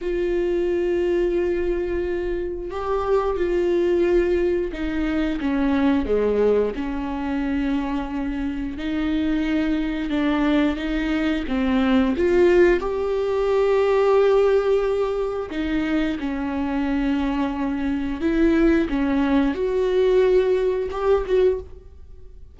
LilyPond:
\new Staff \with { instrumentName = "viola" } { \time 4/4 \tempo 4 = 89 f'1 | g'4 f'2 dis'4 | cis'4 gis4 cis'2~ | cis'4 dis'2 d'4 |
dis'4 c'4 f'4 g'4~ | g'2. dis'4 | cis'2. e'4 | cis'4 fis'2 g'8 fis'8 | }